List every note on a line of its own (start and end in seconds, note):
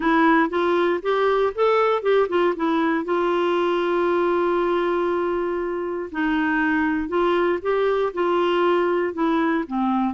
0.00 0.49 E4
0.49 1.00 F4
1.02 1.53 G4
1.55 2.02 A4
2.02 2.27 G4
2.29 2.54 F4
2.55 3.04 E4
3.04 6.09 F4
6.11 7.08 D#4
7.08 7.59 F4
7.62 8.12 G4
8.13 9.13 F4
9.13 9.64 E4
9.67 10.13 C4